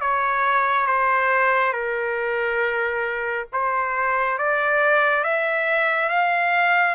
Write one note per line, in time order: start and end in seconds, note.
0.00 0.86 C#5
0.86 1.73 C5
1.73 3.47 A#4
3.52 4.38 C5
4.38 5.23 D5
5.23 6.09 E5
6.09 6.95 F5